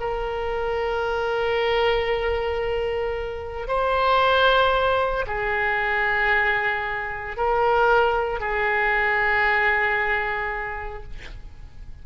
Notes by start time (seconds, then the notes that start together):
0.00 A#4
3.67 C5
5.27 G#4
7.37 A#4
8.40 G#4